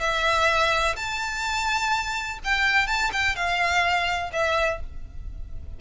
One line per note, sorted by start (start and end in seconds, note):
0.00 0.95 E5
0.96 2.39 A5
2.44 2.87 G5
2.87 3.11 A5
3.12 3.36 G5
3.36 4.31 F5
4.33 4.80 E5